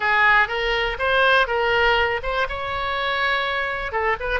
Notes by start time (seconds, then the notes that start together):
0.00 G#4
0.48 A#4
0.98 C5
1.47 A#4
2.22 C5
2.48 C#5
3.92 A4
4.20 B4